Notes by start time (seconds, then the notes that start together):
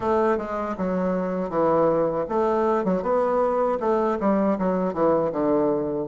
0.00 A3
0.37 G#3
0.77 F#3
1.49 E3
2.29 A3
2.84 F#3
3.02 B3
3.80 A3
4.19 G3
4.58 F#3
4.93 E3
5.32 D3